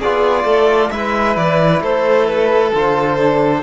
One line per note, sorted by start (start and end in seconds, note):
0.00 0.44 B3
0.00 0.91 F4
0.00 0.45 G#4
0.00 0.91 D5
0.44 0.90 A3
0.44 0.91 A4
0.91 1.37 G#3
0.91 2.73 E4
0.91 1.83 B4
0.91 1.36 E5
1.37 1.81 E3
1.37 1.82 D5
1.81 2.72 A3
1.81 3.63 A4
1.81 2.27 C5
2.27 2.72 B4
2.74 3.63 D3
2.74 3.19 F4
2.74 3.63 C5
3.19 3.63 D4